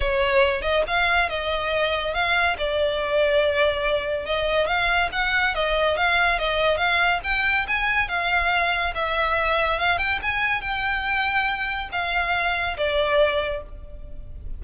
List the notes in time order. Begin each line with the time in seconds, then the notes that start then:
0.00 C#5
0.61 D#5
0.87 F5
1.29 D#5
2.14 F5
2.58 D5
4.25 D#5
4.66 F5
5.12 F#5
5.54 D#5
5.97 F5
6.38 D#5
6.77 F5
7.23 G5
7.67 G#5
8.08 F5
8.95 E5
9.79 F5
9.97 G5
10.22 G#5
10.61 G5
11.91 F5
12.77 D5